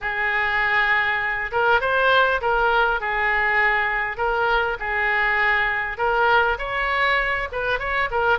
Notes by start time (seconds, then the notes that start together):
0.01 G#4
1.51 A#4
1.80 C5
2.41 A#4
3.00 G#4
4.17 A#4
4.79 G#4
5.97 A#4
6.58 C#5
7.52 B4
7.79 C#5
8.10 A#4